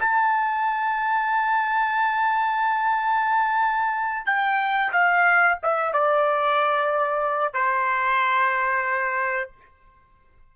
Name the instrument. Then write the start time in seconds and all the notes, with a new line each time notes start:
trumpet
0.00 A5
4.26 G5
4.92 F5
5.63 E5
5.93 D5
7.53 C5